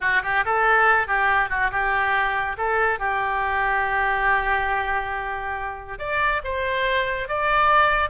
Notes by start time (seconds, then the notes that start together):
0.01 F#4
0.23 G4
0.45 A4
1.07 G4
1.49 F#4
1.71 G4
2.57 A4
2.99 G4
5.98 D5
6.43 C5
7.28 D5